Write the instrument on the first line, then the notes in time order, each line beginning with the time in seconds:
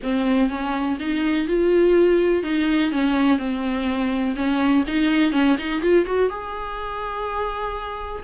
viola
0.02 C4
0.49 C#4
0.99 D#4
1.47 F4
2.43 D#4
2.91 C#4
3.38 C4
4.35 C#4
4.87 D#4
5.32 C#4
5.58 D#4
5.81 F4
6.05 F#4
6.29 G#4